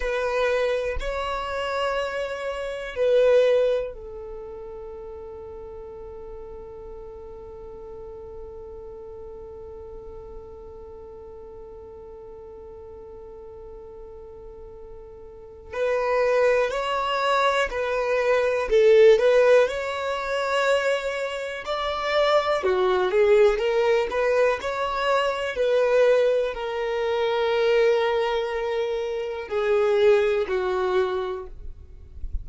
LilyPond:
\new Staff \with { instrumentName = "violin" } { \time 4/4 \tempo 4 = 61 b'4 cis''2 b'4 | a'1~ | a'1~ | a'1 |
b'4 cis''4 b'4 a'8 b'8 | cis''2 d''4 fis'8 gis'8 | ais'8 b'8 cis''4 b'4 ais'4~ | ais'2 gis'4 fis'4 | }